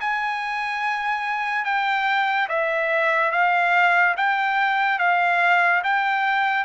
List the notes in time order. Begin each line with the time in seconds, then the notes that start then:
0.00 G#5
1.64 G5
2.49 E5
3.31 F5
4.16 G5
4.99 F5
5.84 G5